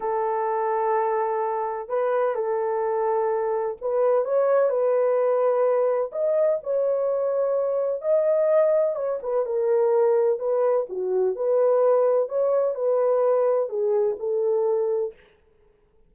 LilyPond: \new Staff \with { instrumentName = "horn" } { \time 4/4 \tempo 4 = 127 a'1 | b'4 a'2. | b'4 cis''4 b'2~ | b'4 dis''4 cis''2~ |
cis''4 dis''2 cis''8 b'8 | ais'2 b'4 fis'4 | b'2 cis''4 b'4~ | b'4 gis'4 a'2 | }